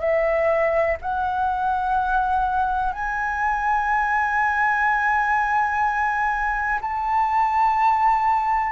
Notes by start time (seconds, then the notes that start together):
0.00 E5
1.02 F#5
2.93 G#5
6.81 A5